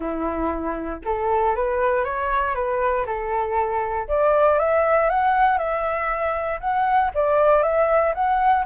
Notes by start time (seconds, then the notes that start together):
0.00 E4
1.04 A4
1.55 B4
2.04 C#5
2.54 B4
3.06 A4
4.07 D5
4.58 E5
5.09 F#5
5.58 E5
6.60 F#5
7.14 D5
7.62 E5
8.14 F#5